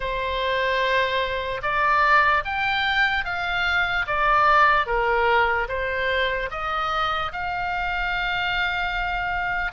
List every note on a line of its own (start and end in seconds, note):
0.00 1.61 C5
1.62 2.43 D5
2.44 3.24 G5
3.24 4.05 F5
4.06 4.86 D5
4.86 5.67 A#4
5.68 6.49 C5
6.50 7.32 D#5
7.32 9.72 F5